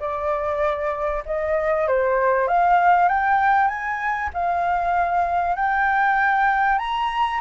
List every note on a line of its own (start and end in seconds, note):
0.00 1.24 D5
1.26 1.88 D#5
1.88 2.48 C5
2.48 3.09 F5
3.09 3.68 G5
3.68 4.30 G#5
4.34 5.56 F5
5.56 6.79 G5
6.79 7.41 A#5